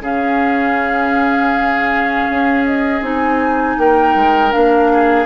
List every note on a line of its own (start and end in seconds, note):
0.00 2.25 C#3
0.00 3.02 C#4
0.00 3.77 G#4
0.00 2.65 F5
2.29 3.01 C#4
2.65 3.03 D#5
3.01 3.76 C4
3.01 4.50 D#4
3.01 3.79 G#5
3.77 4.14 A#3
3.77 4.92 A#4
3.77 4.52 G5
4.14 4.52 G#3
4.50 5.26 A#3
4.50 5.25 D4
4.50 5.26 F5
4.93 5.26 G#4